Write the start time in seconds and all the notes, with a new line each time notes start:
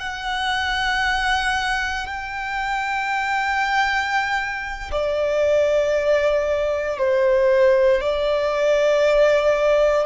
0.00 F#5
2.07 G5
4.92 D5
6.98 C5
8.01 D5